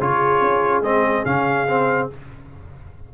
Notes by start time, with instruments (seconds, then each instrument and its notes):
0.00 tuba C#3, trombone F4, horn G#4, trumpet C#5
0.41 tuba C#4
0.81 tuba G#3, trombone C4, trumpet D#5
1.25 tuba C#3, trombone C#4, trumpet F5
1.68 trombone C4